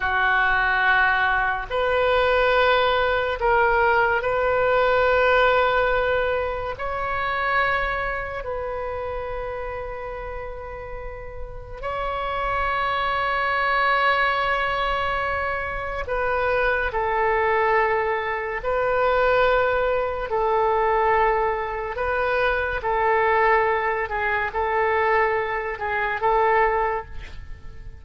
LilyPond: \new Staff \with { instrumentName = "oboe" } { \time 4/4 \tempo 4 = 71 fis'2 b'2 | ais'4 b'2. | cis''2 b'2~ | b'2 cis''2~ |
cis''2. b'4 | a'2 b'2 | a'2 b'4 a'4~ | a'8 gis'8 a'4. gis'8 a'4 | }